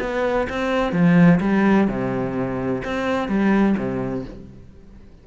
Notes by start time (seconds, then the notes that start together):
0.00 B3
0.49 C4
0.92 F3
1.40 G3
1.88 C3
2.84 C4
3.28 G3
3.78 C3